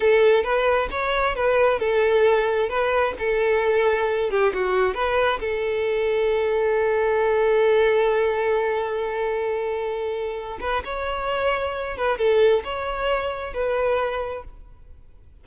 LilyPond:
\new Staff \with { instrumentName = "violin" } { \time 4/4 \tempo 4 = 133 a'4 b'4 cis''4 b'4 | a'2 b'4 a'4~ | a'4. g'8 fis'4 b'4 | a'1~ |
a'1~ | a'2.~ a'8 b'8 | cis''2~ cis''8 b'8 a'4 | cis''2 b'2 | }